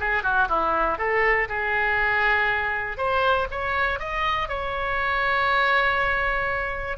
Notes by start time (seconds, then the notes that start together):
0.00 G#4
0.23 F#4
0.49 E4
0.98 A4
1.49 G#4
2.97 C5
3.51 C#5
4.00 D#5
4.49 C#5